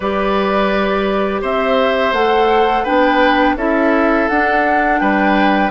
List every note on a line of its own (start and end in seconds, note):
0.00 1.42 G3
0.00 2.16 G4
0.00 1.41 B4
0.00 1.41 D5
1.41 2.12 C4
1.41 2.83 C5
1.41 2.13 E5
2.12 2.83 A3
2.12 2.86 A4
2.12 2.84 F#5
2.83 3.55 B3
2.83 3.57 D4
2.83 3.54 B4
2.83 3.56 G5
3.55 4.27 C#4
3.55 4.29 E4
3.55 5.00 A4
3.55 4.28 E5
4.28 5.01 D4
4.28 5.71 D4
4.28 4.99 F#5
4.99 5.71 G3
4.99 5.71 B4
4.99 5.70 G5